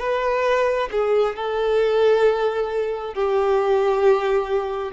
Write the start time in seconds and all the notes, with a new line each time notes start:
0.00 B4
0.92 G#4
1.36 A4
3.15 G4